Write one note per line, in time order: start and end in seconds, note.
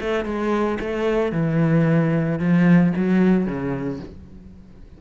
0.00 0.24 A3
0.24 0.78 G#3
0.80 1.31 A3
1.31 2.39 E3
2.39 2.92 F3
2.96 3.46 F#3
3.46 3.99 C#3